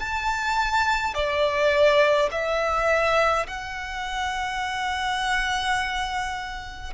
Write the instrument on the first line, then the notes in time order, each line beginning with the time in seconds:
violin
0.00 A5
1.15 D5
2.32 E5
3.48 F#5